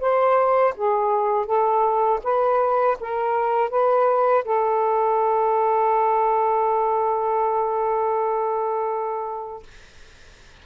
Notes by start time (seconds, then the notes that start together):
0.00 C5
0.77 G#4
1.46 A4
2.23 B4
3.00 A#4
3.70 B4
4.44 A4